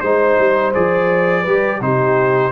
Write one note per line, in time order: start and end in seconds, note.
0.00 0.38 G#3
0.00 0.74 D#4
0.00 0.71 C5
0.00 1.42 C5
0.38 0.74 G3
0.74 1.46 F3
0.74 1.45 G#4
0.74 1.81 D5
1.42 1.80 G3
1.42 1.81 G4
1.42 1.78 B4
1.80 2.52 C3
1.80 2.52 D#4
1.80 2.52 G4
1.80 2.52 C5